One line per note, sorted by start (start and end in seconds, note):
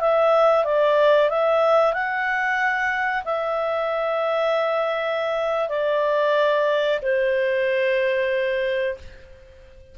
0.00 0.65 E5
0.65 1.30 D5
1.30 1.93 E5
1.93 3.24 F#5
3.25 5.69 E5
5.69 7.00 D5
7.02 8.98 C5